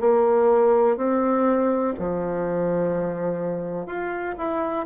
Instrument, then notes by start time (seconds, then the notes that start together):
bassoon
0.00 A#3
0.97 C4
1.99 F3
3.86 F4
4.37 E4